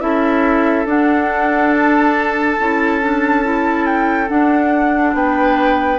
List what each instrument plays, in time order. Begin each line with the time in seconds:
0.00 bassoon C#4, clarinet E4, oboe A4, flute E5
0.85 bassoon D4, clarinet D4, flute F#5
1.74 flute A5
2.59 bassoon C#4, clarinet E4
3.01 clarinet D4
3.44 clarinet E4
3.86 flute G5
4.28 clarinet D4, bassoon D4, flute F#5
5.14 bassoon B3, oboe B4, flute G5